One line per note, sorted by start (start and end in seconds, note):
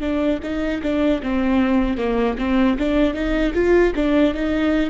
0.00 0.39 D4
0.43 0.81 D#4
0.82 1.21 D4
1.22 1.97 C4
1.97 2.36 A#3
2.38 2.77 C4
2.78 3.13 D4
3.13 3.52 D#4
3.54 3.93 F4
3.95 4.34 D4
4.34 4.90 D#4